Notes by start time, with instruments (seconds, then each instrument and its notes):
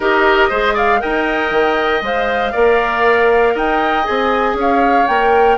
0.00 bassoon D#4, clarinet G4, oboe A#4, flute D#5
0.49 bassoon G#3, clarinet G#4, oboe C5
0.74 oboe D5, flute F5
0.98 bassoon D#4, clarinet A#4, oboe D#5, flute G5
1.50 bassoon D#3
2.01 bassoon G#3, clarinet C5, flute F5
2.52 bassoon A#3, clarinet A#4, oboe D5
3.54 bassoon D#4, oboe D#5, flute G5
4.04 bassoon C4, clarinet G#4, flute G#5
4.54 bassoon C#4, oboe C#5
4.60 flute F5
5.07 bassoon A#3, clarinet A#4, flute G5